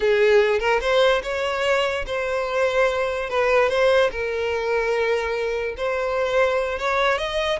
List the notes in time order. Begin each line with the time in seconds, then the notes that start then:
0.00 G#4
0.59 A#4
0.81 C5
1.22 C#5
2.06 C5
3.29 B4
3.69 C5
4.11 A#4
5.77 C5
6.78 C#5
7.18 D#5